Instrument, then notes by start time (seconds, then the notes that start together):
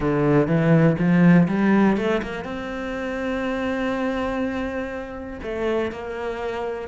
cello
0.00 D3
0.47 E3
0.98 F3
1.48 G3
1.97 A3
2.22 A#3
2.44 C4
5.42 A3
5.92 A#3